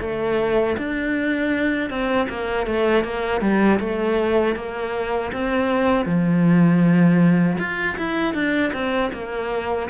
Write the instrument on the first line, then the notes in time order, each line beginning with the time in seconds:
cello
0.00 A3
0.77 D4
1.90 C4
2.29 A#3
2.66 A3
3.04 A#3
3.41 G3
3.79 A3
4.55 A#3
5.32 C4
6.06 F3
7.58 F4
7.97 E4
8.34 D4
8.73 C4
9.13 A#3